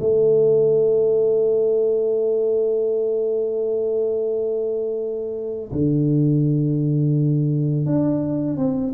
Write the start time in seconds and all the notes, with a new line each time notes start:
0.00 A3
5.72 D3
7.86 D4
8.57 C4